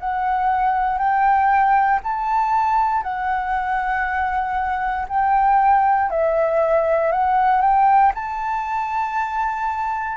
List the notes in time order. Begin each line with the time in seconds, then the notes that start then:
0.00 F#5
0.98 G5
2.03 A5
3.03 F#5
5.08 G5
6.11 E5
7.12 F#5
7.61 G5
8.14 A5